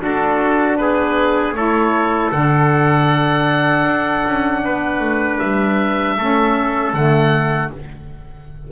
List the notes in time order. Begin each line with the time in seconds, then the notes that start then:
0.00 D4 F#4 A4
0.76 B3 G#4 B4
1.53 A3 E4 A4 C#5
2.31 D3 D4 F#5
3.85 D4
4.27 C#4
4.65 B3 B4
5.00 A3
5.39 G3 E5
6.17 A3 C#4 A4
6.93 D3 A3 F#5